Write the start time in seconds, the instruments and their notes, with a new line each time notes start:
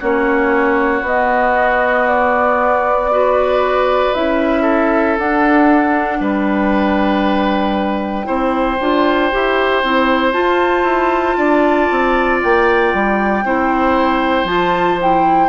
0.00 bassoon A#3, clarinet C#4, oboe F#4, flute C#5
1.02 bassoon B3, clarinet B3, flute D#5
2.08 flute D5
3.11 clarinet F#4, oboe B4
4.14 bassoon C#4, clarinet E4, flute E5
4.62 oboe A4
5.18 bassoon D4, clarinet D4, flute F#5
6.20 bassoon G3, oboe B4, flute G5
8.24 bassoon C4, clarinet E4, oboe C5
8.80 bassoon D4, clarinet F4
9.31 bassoon E4, clarinet G4
9.83 bassoon C4, clarinet E4
10.32 clarinet F4, bassoon F4, flute A5
10.84 bassoon E4
11.37 bassoon D4, oboe D5
11.91 bassoon C4
12.43 bassoon A#3, flute G5
12.94 bassoon G3
13.45 bassoon C4, clarinet E4, oboe C5
14.45 bassoon F3, clarinet F4, flute A5
15.01 clarinet E4, flute G5